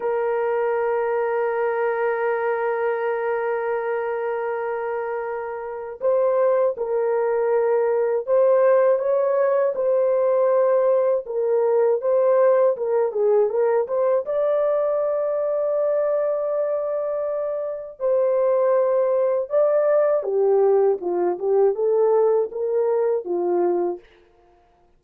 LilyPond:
\new Staff \with { instrumentName = "horn" } { \time 4/4 \tempo 4 = 80 ais'1~ | ais'1 | c''4 ais'2 c''4 | cis''4 c''2 ais'4 |
c''4 ais'8 gis'8 ais'8 c''8 d''4~ | d''1 | c''2 d''4 g'4 | f'8 g'8 a'4 ais'4 f'4 | }